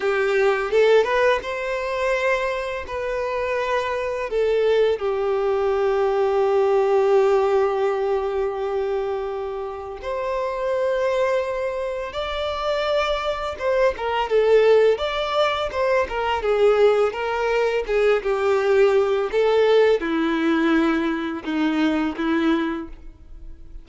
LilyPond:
\new Staff \with { instrumentName = "violin" } { \time 4/4 \tempo 4 = 84 g'4 a'8 b'8 c''2 | b'2 a'4 g'4~ | g'1~ | g'2 c''2~ |
c''4 d''2 c''8 ais'8 | a'4 d''4 c''8 ais'8 gis'4 | ais'4 gis'8 g'4. a'4 | e'2 dis'4 e'4 | }